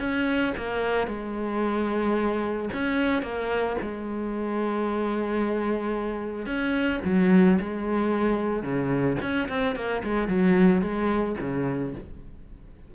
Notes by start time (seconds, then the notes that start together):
0.00 C#4
0.58 A#3
1.07 G#3
2.74 C#4
3.23 A#3
3.82 G#3
6.46 C#4
7.05 F#3
7.60 G#3
8.63 C#3
9.22 C#4
9.49 C4
9.76 A#3
10.04 G#3
10.29 F#3
10.82 G#3
11.41 C#3